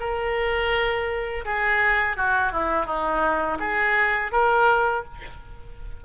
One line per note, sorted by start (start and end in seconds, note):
0.00 1.45 A#4
1.45 2.17 G#4
2.17 2.52 F#4
2.52 2.86 E4
2.86 3.58 D#4
3.59 4.32 G#4
4.32 5.04 A#4